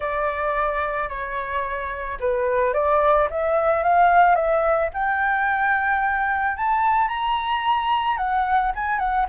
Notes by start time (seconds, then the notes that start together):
0.00 D5
1.09 C#5
2.20 B4
2.73 D5
3.30 E5
3.83 F5
4.35 E5
4.93 G5
6.57 A5
7.08 A#5
8.17 F#5
8.75 G#5
8.98 F#5